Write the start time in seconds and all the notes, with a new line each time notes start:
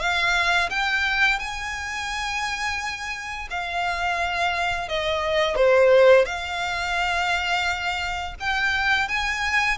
0.00 F5
0.70 G5
1.39 G#5
3.50 F5
4.89 D#5
5.56 C5
6.25 F5
8.40 G5
9.09 G#5